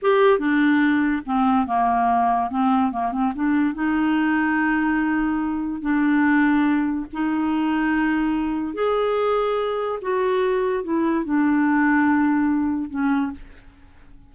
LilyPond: \new Staff \with { instrumentName = "clarinet" } { \time 4/4 \tempo 4 = 144 g'4 d'2 c'4 | ais2 c'4 ais8 c'8 | d'4 dis'2.~ | dis'2 d'2~ |
d'4 dis'2.~ | dis'4 gis'2. | fis'2 e'4 d'4~ | d'2. cis'4 | }